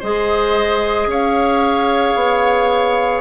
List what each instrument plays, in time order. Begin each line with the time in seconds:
0.00 bassoon G#3, clarinet G#4, oboe C5, flute D#5
1.06 bassoon C#4, oboe C#5, flute F5
2.15 bassoon B3